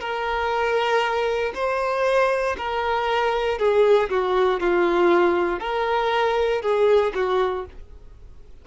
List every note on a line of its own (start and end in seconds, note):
0.00 1.53 A#4
1.54 2.56 C5
2.57 3.58 A#4
3.58 4.09 G#4
4.10 4.60 F#4
4.60 5.60 F4
5.60 6.61 A#4
6.61 7.12 G#4
7.15 7.65 F#4